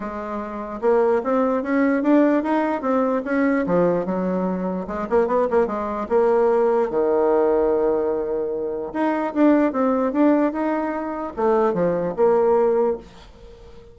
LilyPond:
\new Staff \with { instrumentName = "bassoon" } { \time 4/4 \tempo 4 = 148 gis2 ais4 c'4 | cis'4 d'4 dis'4 c'4 | cis'4 f4 fis2 | gis8 ais8 b8 ais8 gis4 ais4~ |
ais4 dis2.~ | dis2 dis'4 d'4 | c'4 d'4 dis'2 | a4 f4 ais2 | }